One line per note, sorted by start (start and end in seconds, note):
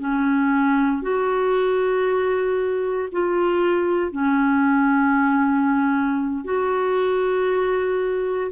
0.00 1.03 C#4
1.03 3.09 F#4
3.12 4.12 F4
4.12 6.45 C#4
6.45 8.52 F#4